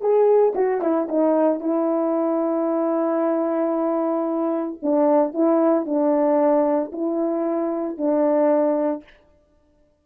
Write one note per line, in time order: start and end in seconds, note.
0.00 0.53 G#4
0.55 0.81 F#4
0.81 1.08 E4
1.08 1.60 D#4
1.60 4.78 E4
4.82 5.33 D4
5.33 5.85 E4
5.85 6.91 D4
6.92 7.97 E4
7.97 9.03 D4